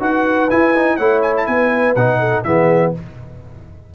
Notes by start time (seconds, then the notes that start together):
0.00 D#4 F#4 B4 F#5
0.50 E4 G#5
0.75 D#4
0.97 A3 E4 C#5 F#5
1.22 G#5
1.37 A5
1.46 B3 B4 G#5
1.95 B2 D#4 F#5
2.20 A4
2.44 E3 B3 G#4 E5